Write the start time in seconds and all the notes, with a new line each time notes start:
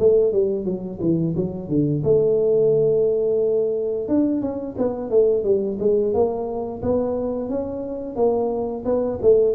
0.00 A3
0.33 G3
0.65 F#3
1.01 E3
1.36 F#3
1.69 D3
2.04 A3
4.09 D4
4.42 C#4
4.79 B3
5.11 A3
5.44 G3
5.80 G#3
6.14 A#3
6.83 B3
7.50 C#4
8.16 A#3
8.85 B3
9.22 A3